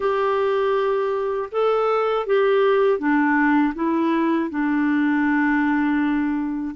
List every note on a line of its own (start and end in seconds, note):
0.00 1.49 G4
1.51 2.26 A4
2.26 2.98 G4
2.98 3.73 D4
3.75 4.50 E4
4.50 6.75 D4